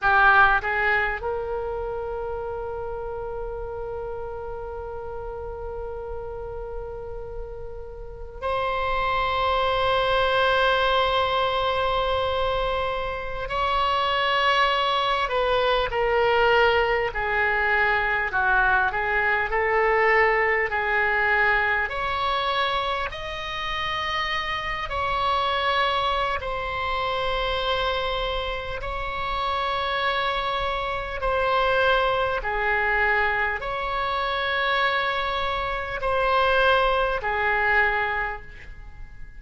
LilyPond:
\new Staff \with { instrumentName = "oboe" } { \time 4/4 \tempo 4 = 50 g'8 gis'8 ais'2.~ | ais'2. c''4~ | c''2.~ c''16 cis''8.~ | cis''8. b'8 ais'4 gis'4 fis'8 gis'16~ |
gis'16 a'4 gis'4 cis''4 dis''8.~ | dis''8. cis''4~ cis''16 c''2 | cis''2 c''4 gis'4 | cis''2 c''4 gis'4 | }